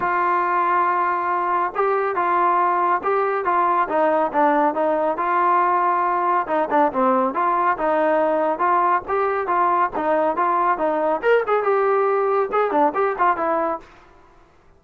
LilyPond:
\new Staff \with { instrumentName = "trombone" } { \time 4/4 \tempo 4 = 139 f'1 | g'4 f'2 g'4 | f'4 dis'4 d'4 dis'4 | f'2. dis'8 d'8 |
c'4 f'4 dis'2 | f'4 g'4 f'4 dis'4 | f'4 dis'4 ais'8 gis'8 g'4~ | g'4 gis'8 d'8 g'8 f'8 e'4 | }